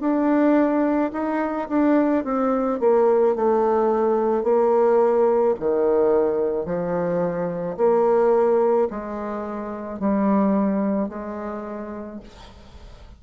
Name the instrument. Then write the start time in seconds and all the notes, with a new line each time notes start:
bassoon
0.00 D4
1.13 D#4
1.68 D4
2.24 C4
2.79 A#3
3.35 A3
4.43 A#3
5.59 D#3
6.65 F3
7.77 A#3
8.90 G#3
9.99 G3
11.09 G#3